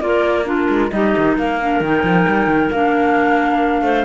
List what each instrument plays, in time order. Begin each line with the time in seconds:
0.00 cello A#3, clarinet F4 A#4, flute D5
0.44 clarinet D4 F4, flute A#4
0.68 cello G#3
0.90 cello G3, clarinet D#4 G4, flute D#5
1.17 cello D#3
1.36 cello A#3, clarinet A#4, flute F5
1.61 clarinet D4
1.80 cello D#3, clarinet D#4, flute G5
2.03 cello F3
2.28 cello G3
2.46 cello D#3
2.70 cello A#3, clarinet D4, flute F5
3.81 cello A3, clarinet C5